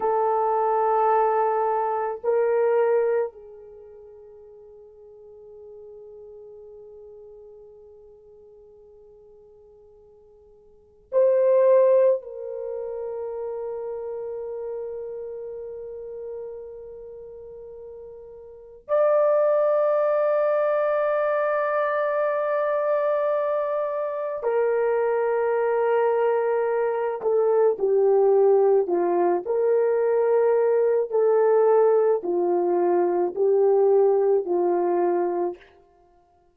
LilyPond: \new Staff \with { instrumentName = "horn" } { \time 4/4 \tempo 4 = 54 a'2 ais'4 gis'4~ | gis'1~ | gis'2 c''4 ais'4~ | ais'1~ |
ais'4 d''2.~ | d''2 ais'2~ | ais'8 a'8 g'4 f'8 ais'4. | a'4 f'4 g'4 f'4 | }